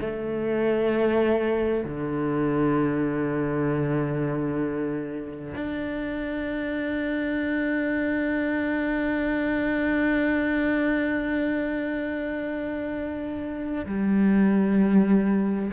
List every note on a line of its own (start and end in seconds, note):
0.00 1.84 A3
1.84 5.53 D3
5.55 13.85 D4
13.86 15.70 G3